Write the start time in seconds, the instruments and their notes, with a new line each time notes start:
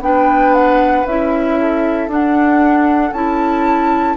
0.00 bassoon B3, clarinet D4, oboe B4, flute G5
0.54 flute F#5
1.05 bassoon C#4, clarinet E4, flute E5
1.60 oboe A4
2.08 bassoon D4, clarinet D4, flute F#5
3.12 bassoon C#4, clarinet E4, flute A5